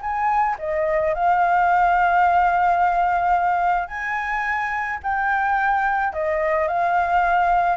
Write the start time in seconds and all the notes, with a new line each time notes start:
0.00 G#5
0.58 D#5
1.14 F5
3.87 G#5
5.03 G5
6.13 D#5
6.67 F5